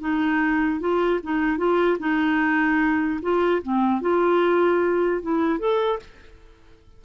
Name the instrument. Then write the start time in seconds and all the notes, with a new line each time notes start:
clarinet
0.00 D#4
0.80 F4
1.23 D#4
1.57 F4
1.99 D#4
3.22 F4
3.62 C4
4.01 F4
5.22 E4
5.59 A4